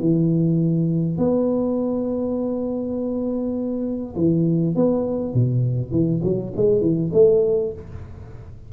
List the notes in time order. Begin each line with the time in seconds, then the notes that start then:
0.00 E3
1.18 B3
4.16 E3
4.76 B3
5.34 B2
5.91 E3
6.23 F#3
6.56 G#3
6.82 E3
7.13 A3